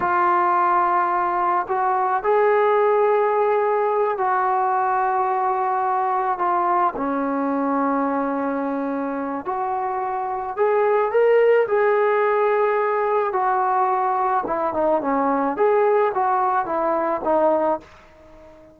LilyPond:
\new Staff \with { instrumentName = "trombone" } { \time 4/4 \tempo 4 = 108 f'2. fis'4 | gis'2.~ gis'8 fis'8~ | fis'2.~ fis'8 f'8~ | f'8 cis'2.~ cis'8~ |
cis'4 fis'2 gis'4 | ais'4 gis'2. | fis'2 e'8 dis'8 cis'4 | gis'4 fis'4 e'4 dis'4 | }